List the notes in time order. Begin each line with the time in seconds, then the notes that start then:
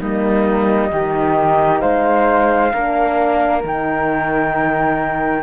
0.00 G3 A#3 D#4 D#5
0.90 D#3 D#4 G4
1.80 G#3 C5 F5
2.72 A#3 D4 A#4
3.64 D#3 D#4 G5